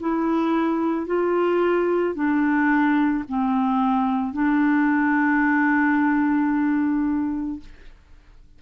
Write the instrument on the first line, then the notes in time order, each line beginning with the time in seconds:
clarinet
0.00 E4
1.07 F4
2.15 D4
3.28 C4
4.32 D4